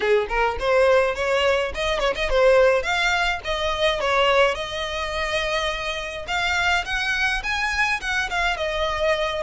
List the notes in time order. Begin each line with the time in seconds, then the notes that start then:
0.00 G#4
0.28 A#4
0.59 C5
1.15 C#5
1.74 D#5
1.99 C#5
2.15 D#5
2.29 C5
2.82 F5
3.44 D#5
4.00 C#5
4.54 D#5
6.27 F5
6.85 F#5
7.43 G#5
8.01 F#5
8.30 F5
8.57 D#5